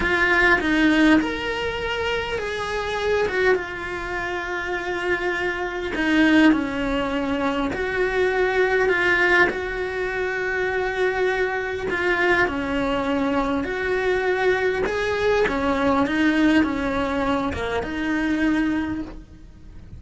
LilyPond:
\new Staff \with { instrumentName = "cello" } { \time 4/4 \tempo 4 = 101 f'4 dis'4 ais'2 | gis'4. fis'8 f'2~ | f'2 dis'4 cis'4~ | cis'4 fis'2 f'4 |
fis'1 | f'4 cis'2 fis'4~ | fis'4 gis'4 cis'4 dis'4 | cis'4. ais8 dis'2 | }